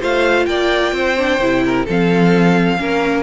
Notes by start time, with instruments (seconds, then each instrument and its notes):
0.00 cello A3, viola F4, violin C5 F5
0.46 cello A#3, violin D5 G5
0.92 cello C4, violin C5
1.18 viola D4
1.40 cello C3, viola E4
1.66 violin A#4
1.85 cello F3, viola C4, violin A4 F5
2.77 cello A#3, viola C#4, violin A#4